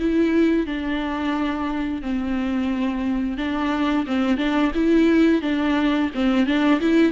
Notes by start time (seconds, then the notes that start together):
0.00 E4
0.67 D4
2.02 C4
3.38 D4
4.07 C4
4.38 D4
4.75 E4
5.42 D4
6.15 C4
6.46 D4
6.81 E4